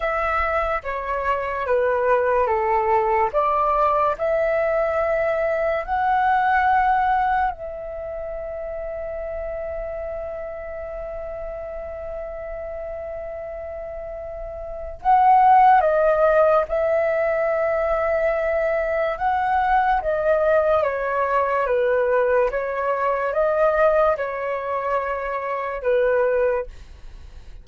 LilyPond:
\new Staff \with { instrumentName = "flute" } { \time 4/4 \tempo 4 = 72 e''4 cis''4 b'4 a'4 | d''4 e''2 fis''4~ | fis''4 e''2.~ | e''1~ |
e''2 fis''4 dis''4 | e''2. fis''4 | dis''4 cis''4 b'4 cis''4 | dis''4 cis''2 b'4 | }